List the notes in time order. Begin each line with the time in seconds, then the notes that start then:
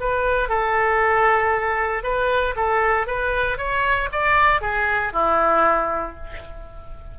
0.00 B4
0.49 A4
2.03 B4
2.56 A4
3.07 B4
3.58 C#5
4.12 D5
4.61 G#4
5.13 E4